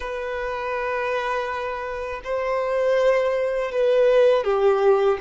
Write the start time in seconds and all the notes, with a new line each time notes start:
0.00 B4
2.24 C5
3.71 B4
4.44 G4